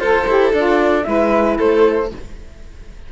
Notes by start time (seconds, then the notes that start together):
0.00 F4 A4 C5
0.28 E4 G4
0.53 D4 F4 D5
1.04 G#3 E4 B4 E5
1.58 A3 A4 C5